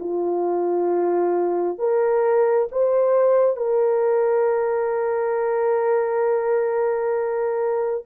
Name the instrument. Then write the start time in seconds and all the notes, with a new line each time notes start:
horn
0.00 F4
1.79 A#4
2.72 C5
3.57 A#4